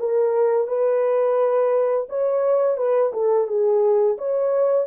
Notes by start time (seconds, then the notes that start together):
0.00 A#4
0.68 B4
2.09 C#5
2.78 B4
3.14 A4
3.48 G#4
4.18 C#5